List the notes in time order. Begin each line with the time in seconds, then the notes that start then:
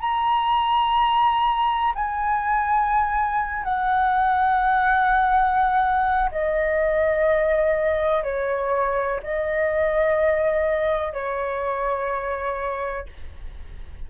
0.00 A#5
1.95 G#5
3.63 F#5
6.31 D#5
8.23 C#5
9.22 D#5
11.12 C#5